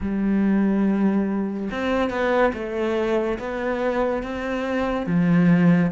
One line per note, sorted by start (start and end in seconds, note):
0.00 1.69 G3
1.71 2.10 C4
2.10 2.52 B3
2.54 3.38 A3
3.38 4.23 B3
4.23 5.06 C4
5.06 5.91 F3